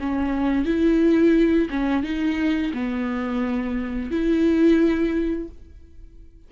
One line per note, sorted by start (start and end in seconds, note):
0.00 0.66 C#4
0.66 1.69 E4
1.71 2.04 C#4
2.04 2.73 D#4
2.74 4.11 B3
4.11 5.49 E4